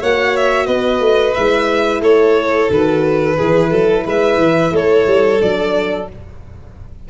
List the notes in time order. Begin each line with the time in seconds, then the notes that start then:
0.00 A#3 F#4 C#5 F#5
0.36 E5
0.66 B3 B4 D#5
1.00 A3
1.33 G#3 E4 E5
2.01 A3 A4 C#5
2.70 D#3 F#4 B4
3.37 E3 E4 G#4
3.70 F#3 A4
4.05 G#3 B4 E5
4.37 E3
4.72 A3 A4 C#5
5.06 G3
5.39 F#3 D4 D5